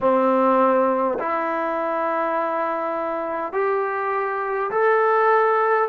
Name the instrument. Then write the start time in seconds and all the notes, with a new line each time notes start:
trombone
0.00 C4
1.19 E4
3.52 G4
4.71 A4